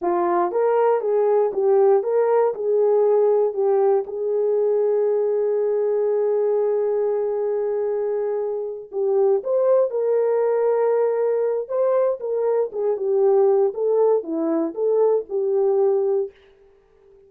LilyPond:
\new Staff \with { instrumentName = "horn" } { \time 4/4 \tempo 4 = 118 f'4 ais'4 gis'4 g'4 | ais'4 gis'2 g'4 | gis'1~ | gis'1~ |
gis'4. g'4 c''4 ais'8~ | ais'2. c''4 | ais'4 gis'8 g'4. a'4 | e'4 a'4 g'2 | }